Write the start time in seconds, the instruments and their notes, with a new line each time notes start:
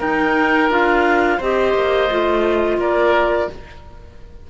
0.00 cello D#4, clarinet D#4 G5, oboe A#4
0.69 cello D4, clarinet F4 F5
1.38 cello C4, clarinet G4 D#5, oboe C5
1.75 cello A#3
2.11 cello A3, clarinet F4
2.78 cello A#3, oboe A#4, clarinet D5